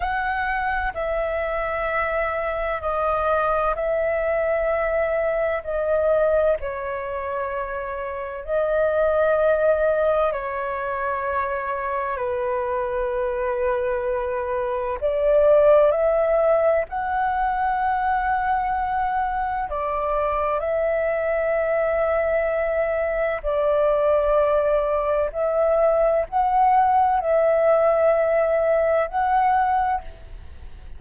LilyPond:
\new Staff \with { instrumentName = "flute" } { \time 4/4 \tempo 4 = 64 fis''4 e''2 dis''4 | e''2 dis''4 cis''4~ | cis''4 dis''2 cis''4~ | cis''4 b'2. |
d''4 e''4 fis''2~ | fis''4 d''4 e''2~ | e''4 d''2 e''4 | fis''4 e''2 fis''4 | }